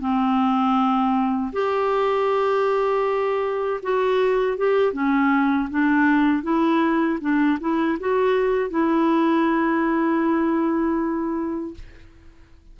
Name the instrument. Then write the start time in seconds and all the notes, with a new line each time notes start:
clarinet
0.00 C4
1.52 G4
3.83 F#4
4.57 G4
4.93 C#4
5.70 D4
6.43 E4
7.20 D4
7.60 E4
8.00 F#4
8.70 E4